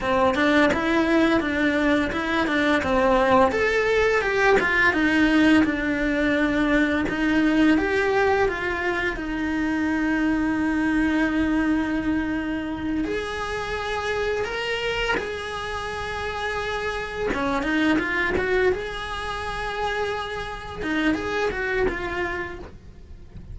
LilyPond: \new Staff \with { instrumentName = "cello" } { \time 4/4 \tempo 4 = 85 c'8 d'8 e'4 d'4 e'8 d'8 | c'4 a'4 g'8 f'8 dis'4 | d'2 dis'4 g'4 | f'4 dis'2.~ |
dis'2~ dis'8 gis'4.~ | gis'8 ais'4 gis'2~ gis'8~ | gis'8 cis'8 dis'8 f'8 fis'8 gis'4.~ | gis'4. dis'8 gis'8 fis'8 f'4 | }